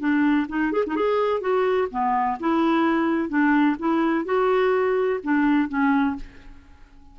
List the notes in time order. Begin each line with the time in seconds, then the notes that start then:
0.00 D4
0.49 D#4
0.73 G#4
0.87 D#4
0.96 G#4
1.41 F#4
1.91 B3
2.40 E4
3.29 D4
3.79 E4
4.25 F#4
5.24 D4
5.69 C#4